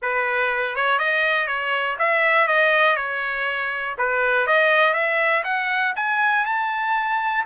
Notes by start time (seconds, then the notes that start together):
0.02 B4
0.75 C#5
0.98 D#5
1.47 C#5
1.98 E5
2.47 D#5
2.96 C#5
3.98 B4
4.46 D#5
4.93 E5
5.44 F#5
5.95 G#5
6.45 A5